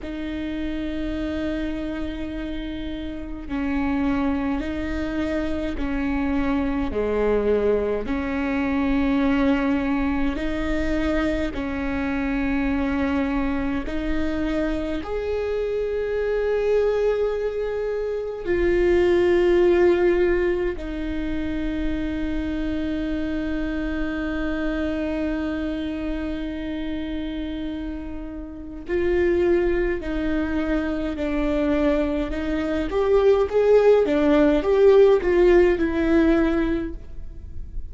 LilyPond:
\new Staff \with { instrumentName = "viola" } { \time 4/4 \tempo 4 = 52 dis'2. cis'4 | dis'4 cis'4 gis4 cis'4~ | cis'4 dis'4 cis'2 | dis'4 gis'2. |
f'2 dis'2~ | dis'1~ | dis'4 f'4 dis'4 d'4 | dis'8 g'8 gis'8 d'8 g'8 f'8 e'4 | }